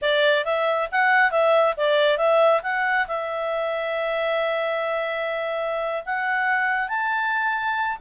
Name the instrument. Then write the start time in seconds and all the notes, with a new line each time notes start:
clarinet
0.01 D5
0.44 E5
0.91 F#5
1.31 E5
1.76 D5
2.17 E5
2.62 F#5
3.07 E5
6.05 F#5
6.88 A5